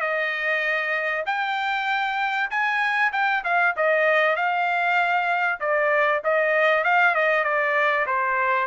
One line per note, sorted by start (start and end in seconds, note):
0.00 1.24 D#5
1.26 2.49 G5
2.50 3.12 G#5
3.12 3.43 G5
3.44 3.75 F5
3.76 4.36 D#5
4.36 5.59 F5
5.60 6.21 D5
6.24 6.84 D#5
6.84 7.14 F5
7.14 7.44 D#5
7.44 8.06 D5
8.06 8.67 C5